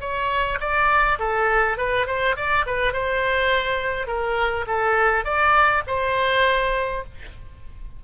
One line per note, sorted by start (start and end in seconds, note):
0.00 0.58 C#5
0.60 1.18 D5
1.19 1.77 A4
1.77 2.06 B4
2.06 2.35 C5
2.36 2.65 D5
2.66 2.93 B4
2.93 4.07 C5
4.07 4.65 A#4
4.67 5.24 A4
5.24 5.83 D5
5.87 7.03 C5